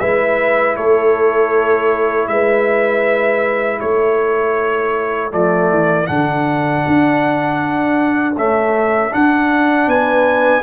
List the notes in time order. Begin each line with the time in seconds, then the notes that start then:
0.00 G#3 E4 B4 E5
0.76 A3 A4 C#5
2.28 G#3 B4 E5
3.80 A3 A4 C#5
5.31 F3 A3 D5
5.71 E3
6.07 D3 D4 F#5
6.87 D4
8.37 A3 C#4 E5
9.10 D4 F#5
9.87 B3 B4 G#5